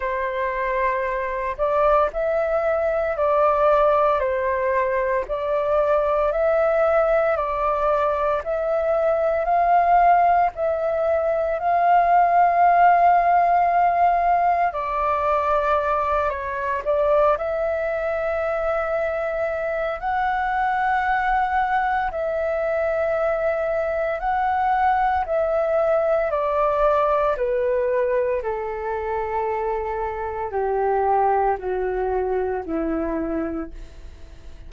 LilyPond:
\new Staff \with { instrumentName = "flute" } { \time 4/4 \tempo 4 = 57 c''4. d''8 e''4 d''4 | c''4 d''4 e''4 d''4 | e''4 f''4 e''4 f''4~ | f''2 d''4. cis''8 |
d''8 e''2~ e''8 fis''4~ | fis''4 e''2 fis''4 | e''4 d''4 b'4 a'4~ | a'4 g'4 fis'4 e'4 | }